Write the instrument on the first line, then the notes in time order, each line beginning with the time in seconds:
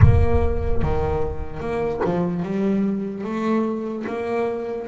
double bass
0.02 A#3
0.82 D#3
1.60 A#3
2.04 F3
2.43 G3
3.24 A3
4.06 A#3